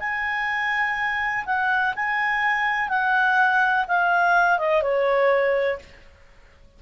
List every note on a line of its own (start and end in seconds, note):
0.00 1.45 G#5
1.46 1.94 F#5
1.96 2.89 G#5
2.89 3.86 F#5
3.88 4.59 F5
4.59 4.83 D#5
4.83 5.79 C#5